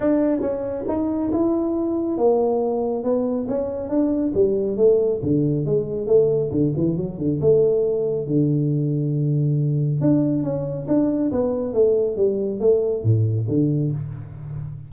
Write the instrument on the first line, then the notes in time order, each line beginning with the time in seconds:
tuba
0.00 D4
0.41 C#4
0.88 D#4
1.32 E4
2.17 A#3
3.03 B3
3.48 C#4
3.89 D4
4.34 G3
4.76 A3
5.22 D3
5.65 G#3
6.07 A3
6.51 D3
6.76 E3
6.96 F#3
7.18 D3
7.40 A3
8.26 D3
10.00 D4
10.43 C#4
10.87 D4
11.31 B3
11.73 A3
12.16 G3
12.60 A3
13.03 A2
13.48 D3